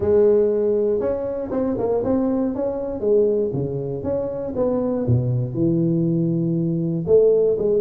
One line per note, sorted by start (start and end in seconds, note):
0.00 0.99 G#3
0.99 1.50 C#4
1.51 1.76 C4
1.77 2.03 A#3
2.04 2.54 C4
2.54 3.00 C#4
3.00 3.50 G#3
3.53 4.03 C#3
4.03 4.53 C#4
4.55 5.06 B3
5.06 5.53 B2
5.53 7.05 E3
7.06 7.57 A3
7.58 7.81 G#3